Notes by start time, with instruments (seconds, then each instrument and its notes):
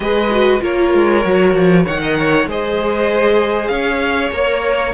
0.00 cello G#3, viola G#4, violin B4 D#5
0.31 viola F#4
0.60 cello A#3, viola F4, violin A#4 C#5
0.94 cello G#3
1.24 cello F#3, viola F#4
1.54 cello F3
1.84 cello D#3, viola A#4, violin C#5 F#5
2.01 violin D#5
2.18 violin C#5
2.45 cello G#3, viola G#4, violin C5 D#5
3.67 cello C#4, violin C#5 F5
4.32 cello A#3, viola A#4, violin C#5